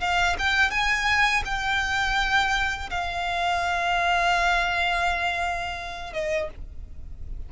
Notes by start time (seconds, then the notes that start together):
0.00 F5
0.38 G5
0.70 G#5
1.45 G5
2.90 F5
6.13 D#5